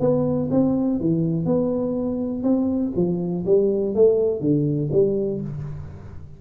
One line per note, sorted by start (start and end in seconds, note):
0.00 0.49 B3
0.51 1.00 C4
1.00 1.46 E3
1.46 2.43 B3
2.43 2.92 C4
2.96 3.45 F3
3.46 3.95 G3
3.95 4.40 A3
4.40 4.90 D3
4.92 5.41 G3